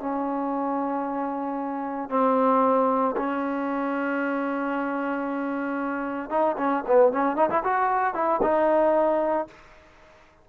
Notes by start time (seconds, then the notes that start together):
0.00 C#4
2.10 C4
3.17 C#4
6.30 D#4
6.58 C#4
6.87 B3
7.12 C#4
7.36 D#4
7.50 E4
7.64 F#4
8.15 E4
8.42 D#4